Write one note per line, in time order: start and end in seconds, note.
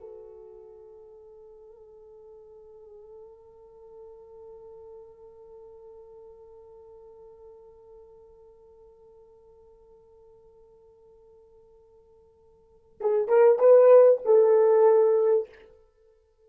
0.00 12.99 A4
13.01 13.28 G#4
13.28 13.59 A#4
13.59 14.21 B4
14.25 15.49 A4